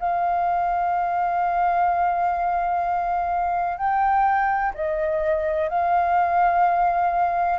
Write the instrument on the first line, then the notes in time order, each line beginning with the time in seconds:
flute
0.00 F5
3.78 G5
4.74 D#5
5.69 F5